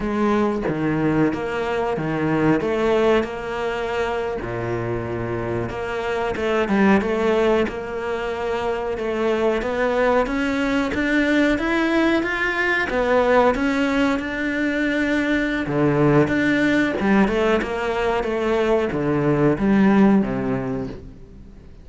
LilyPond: \new Staff \with { instrumentName = "cello" } { \time 4/4 \tempo 4 = 92 gis4 dis4 ais4 dis4 | a4 ais4.~ ais16 ais,4~ ais,16~ | ais,8. ais4 a8 g8 a4 ais16~ | ais4.~ ais16 a4 b4 cis'16~ |
cis'8. d'4 e'4 f'4 b16~ | b8. cis'4 d'2~ d'16 | d4 d'4 g8 a8 ais4 | a4 d4 g4 c4 | }